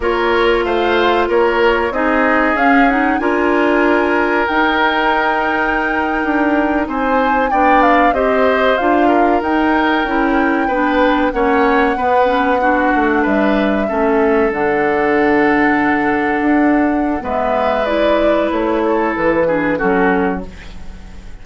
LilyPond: <<
  \new Staff \with { instrumentName = "flute" } { \time 4/4 \tempo 4 = 94 cis''4 f''4 cis''4 dis''4 | f''8 fis''8 gis''2 g''4~ | g''2~ g''8. gis''4 g''16~ | g''16 f''8 dis''4 f''4 g''4~ g''16~ |
g''4.~ g''16 fis''2~ fis''16~ | fis''8. e''2 fis''4~ fis''16~ | fis''2. e''4 | d''4 cis''4 b'4 a'4 | }
  \new Staff \with { instrumentName = "oboe" } { \time 4/4 ais'4 c''4 ais'4 gis'4~ | gis'4 ais'2.~ | ais'2~ ais'8. c''4 d''16~ | d''8. c''4. ais'4.~ ais'16~ |
ais'8. b'4 cis''4 b'4 fis'16~ | fis'8. b'4 a'2~ a'16~ | a'2. b'4~ | b'4. a'4 gis'8 fis'4 | }
  \new Staff \with { instrumentName = "clarinet" } { \time 4/4 f'2. dis'4 | cis'8 dis'8 f'2 dis'4~ | dis'2.~ dis'8. d'16~ | d'8. g'4 f'4 dis'4 e'16~ |
e'8. d'4 cis'4 b8 cis'8 d'16~ | d'4.~ d'16 cis'4 d'4~ d'16~ | d'2. b4 | e'2~ e'8 d'8 cis'4 | }
  \new Staff \with { instrumentName = "bassoon" } { \time 4/4 ais4 a4 ais4 c'4 | cis'4 d'2 dis'4~ | dis'4.~ dis'16 d'4 c'4 b16~ | b8. c'4 d'4 dis'4 cis'16~ |
cis'8. b4 ais4 b4~ b16~ | b16 a8 g4 a4 d4~ d16~ | d4.~ d16 d'4~ d'16 gis4~ | gis4 a4 e4 fis4 | }
>>